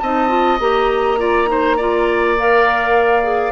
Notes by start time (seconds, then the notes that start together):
0.00 C4 D#4 D#5 A5
0.29 F4
0.60 A#3 G4 A#5
1.19 F4 D5
1.47 D#4 C5
1.77 F4 D5
2.38 A#4 F5
3.24 G#4